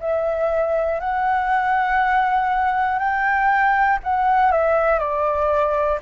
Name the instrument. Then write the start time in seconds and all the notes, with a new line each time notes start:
flute
0.00 E5
1.00 F#5
2.99 G5
4.04 F#5
4.51 E5
4.99 D5